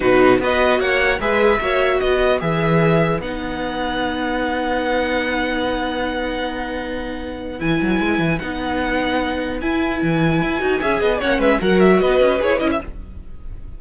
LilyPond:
<<
  \new Staff \with { instrumentName = "violin" } { \time 4/4 \tempo 4 = 150 b'4 dis''4 fis''4 e''4~ | e''4 dis''4 e''2 | fis''1~ | fis''1~ |
fis''2. gis''4~ | gis''4 fis''2. | gis''1 | fis''8 e''8 fis''8 e''8 dis''4 cis''8 dis''16 e''16 | }
  \new Staff \with { instrumentName = "violin" } { \time 4/4 fis'4 b'4 cis''4 b'4 | cis''4 b'2.~ | b'1~ | b'1~ |
b'1~ | b'1~ | b'2. e''8 dis''8 | cis''8 b'8 ais'4 b'2 | }
  \new Staff \with { instrumentName = "viola" } { \time 4/4 dis'4 fis'2 gis'4 | fis'2 gis'2 | dis'1~ | dis'1~ |
dis'2. e'4~ | e'4 dis'2. | e'2~ e'8 fis'8 gis'4 | cis'4 fis'2 gis'8 e'8 | }
  \new Staff \with { instrumentName = "cello" } { \time 4/4 b,4 b4 ais4 gis4 | ais4 b4 e2 | b1~ | b1~ |
b2. e8 fis8 | gis8 e8 b2. | e'4 e4 e'8 dis'8 cis'8 b8 | ais8 gis8 fis4 b8 cis'8 e'8 cis'8 | }
>>